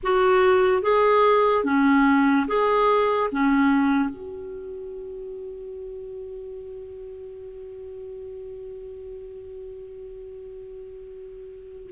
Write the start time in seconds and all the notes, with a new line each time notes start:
0.03 F#4
0.82 G#4
1.64 C#4
2.47 G#4
3.31 C#4
4.09 F#4